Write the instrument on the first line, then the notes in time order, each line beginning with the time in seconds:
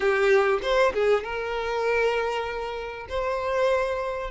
violin
0.00 G4
0.62 C5
0.93 G#4
1.23 A#4
3.08 C5